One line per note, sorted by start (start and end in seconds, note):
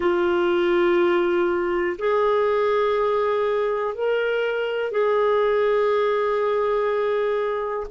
0.00 1.96 F4
1.98 3.94 G#4
3.94 4.91 A#4
4.91 7.86 G#4